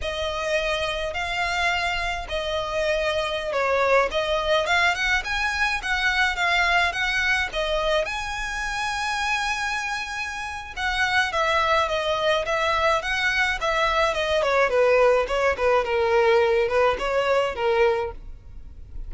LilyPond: \new Staff \with { instrumentName = "violin" } { \time 4/4 \tempo 4 = 106 dis''2 f''2 | dis''2~ dis''16 cis''4 dis''8.~ | dis''16 f''8 fis''8 gis''4 fis''4 f''8.~ | f''16 fis''4 dis''4 gis''4.~ gis''16~ |
gis''2. fis''4 | e''4 dis''4 e''4 fis''4 | e''4 dis''8 cis''8 b'4 cis''8 b'8 | ais'4. b'8 cis''4 ais'4 | }